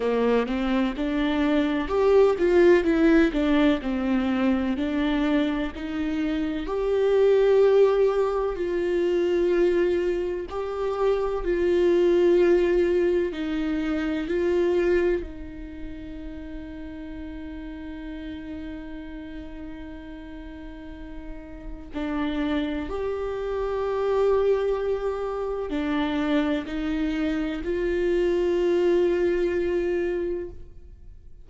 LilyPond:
\new Staff \with { instrumentName = "viola" } { \time 4/4 \tempo 4 = 63 ais8 c'8 d'4 g'8 f'8 e'8 d'8 | c'4 d'4 dis'4 g'4~ | g'4 f'2 g'4 | f'2 dis'4 f'4 |
dis'1~ | dis'2. d'4 | g'2. d'4 | dis'4 f'2. | }